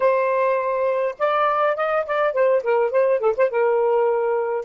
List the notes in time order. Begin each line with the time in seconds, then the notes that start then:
0.00 C5
1.18 D5
1.76 D#5
2.06 D5
2.33 C5
2.63 A#4
2.90 C5
3.20 A4
3.36 C5
3.50 A#4